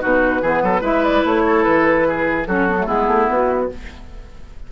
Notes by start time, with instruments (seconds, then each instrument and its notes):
0.00 bassoon B2, clarinet D#4, oboe F#4, flute B4
0.42 bassoon E3, clarinet B3, oboe G#4
0.63 bassoon F#3, oboe A4
0.81 bassoon G#3, clarinet E4, oboe B4, flute E5
1.04 flute D5
1.25 bassoon A3, flute C#5
1.47 oboe A4
1.63 bassoon E3, flute B4
2.08 oboe G#4
2.47 bassoon F#3, clarinet C#4, oboe F#4, flute A4
2.69 clarinet B3
2.79 clarinet A3
2.86 bassoon G#3, clarinet B3, oboe E4, flute G#4
3.07 bassoon A3
3.29 bassoon B3, flute F#4